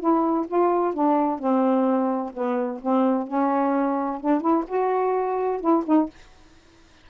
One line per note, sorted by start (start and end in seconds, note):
0.00 0.47 E4
0.48 0.94 F4
0.94 1.39 D4
1.39 2.32 C4
2.34 2.81 B3
2.82 3.28 C4
3.28 4.21 C#4
4.21 4.41 D4
4.41 4.64 E4
4.68 5.61 F#4
5.61 5.84 E4
5.86 6.09 D#4